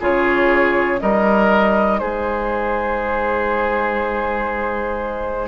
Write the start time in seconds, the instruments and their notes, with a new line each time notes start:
0.00 bassoon C#3, clarinet F4, oboe G#4, flute C#5
0.99 bassoon G3, clarinet D#4, oboe A#4, flute D#5
1.99 bassoon G#3, oboe G#4, flute C5